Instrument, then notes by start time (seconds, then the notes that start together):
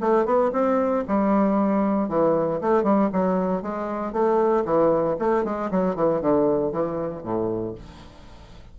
bassoon
0.00 A3
0.25 B3
0.52 C4
1.07 G3
2.08 E3
2.61 A3
2.83 G3
3.12 F#3
3.62 G#3
4.12 A3
4.65 E3
5.19 A3
5.44 G#3
5.71 F#3
5.95 E3
6.21 D3
6.72 E3
7.23 A2